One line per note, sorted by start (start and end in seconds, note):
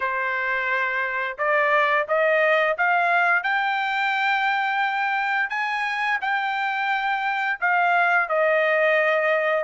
0.00 1.37 C5
1.38 2.07 D5
2.08 2.76 D#5
2.77 3.43 F5
3.43 5.49 G5
5.49 6.18 G#5
6.21 7.59 G5
7.60 8.29 F5
8.29 9.64 D#5